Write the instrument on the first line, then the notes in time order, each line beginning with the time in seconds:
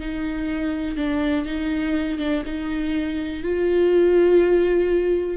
viola
0.00 D#4
0.97 D4
1.46 D#4
2.19 D4
2.46 D#4
3.43 F4